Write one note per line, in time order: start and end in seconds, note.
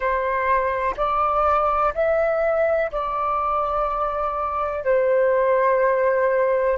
0.00 0.95 C5
0.96 1.93 D5
1.94 2.91 E5
2.91 4.84 D5
4.84 6.77 C5